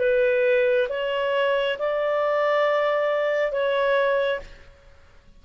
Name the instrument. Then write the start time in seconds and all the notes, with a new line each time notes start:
clarinet
0.00 B4
0.89 C#5
1.79 D5
3.52 C#5